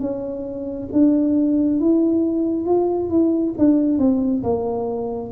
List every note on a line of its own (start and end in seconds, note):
0.00 0.88 C#4
0.92 1.80 D4
1.80 2.66 E4
2.66 3.10 F4
3.10 3.54 E4
3.58 3.98 D4
3.98 4.42 C4
4.43 5.31 A#3